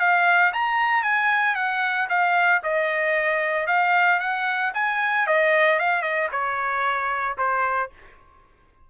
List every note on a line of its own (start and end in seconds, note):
0.00 0.53 F5
0.53 1.03 A#5
1.03 1.56 G#5
1.56 2.08 F#5
2.10 2.62 F5
2.64 3.67 D#5
3.67 4.20 F5
4.20 4.72 F#5
4.74 5.27 G#5
5.27 5.79 D#5
5.79 6.02 F5
6.02 6.28 D#5
6.32 7.37 C#5
7.38 7.90 C5